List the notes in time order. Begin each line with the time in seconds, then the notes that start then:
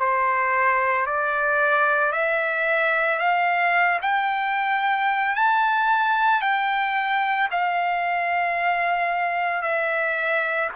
0.00 C5
1.07 D5
2.13 E5
3.19 F5
4.02 G5
5.36 A5
6.42 G5
7.51 F5
9.62 E5